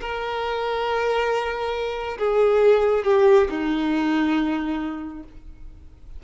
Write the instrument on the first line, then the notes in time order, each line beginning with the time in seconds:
violin
0.00 A#4
2.18 G#4
3.04 G4
3.49 D#4